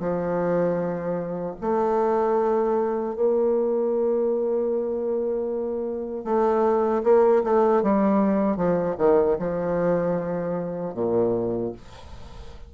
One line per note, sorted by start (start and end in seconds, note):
0.00 1.56 F3
1.61 3.16 A3
3.16 6.25 A#3
6.25 7.03 A3
7.04 7.43 A#3
7.44 7.83 A3
7.83 8.57 G3
8.57 8.96 F3
8.98 9.37 D#3
9.39 10.95 F3
10.95 11.73 A#2